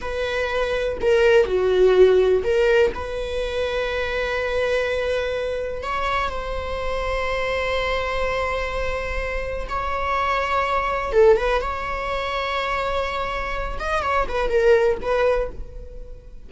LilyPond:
\new Staff \with { instrumentName = "viola" } { \time 4/4 \tempo 4 = 124 b'2 ais'4 fis'4~ | fis'4 ais'4 b'2~ | b'1 | cis''4 c''2.~ |
c''1 | cis''2. a'8 b'8 | cis''1~ | cis''8 dis''8 cis''8 b'8 ais'4 b'4 | }